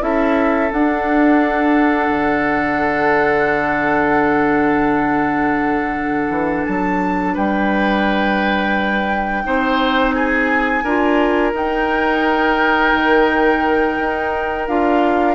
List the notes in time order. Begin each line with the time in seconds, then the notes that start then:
0.00 C#4 E4 A4 E5
0.72 D4 F#5
2.09 D3
6.30 E3
6.65 F#3 A5
7.34 G3 B4 G5
9.44 C4 D#4 C5
10.12 G#4 G#5
10.83 D4 F4 A#4
11.53 D#4 G5
12.93 D#3
13.99 D#4
14.68 D4 F4 F5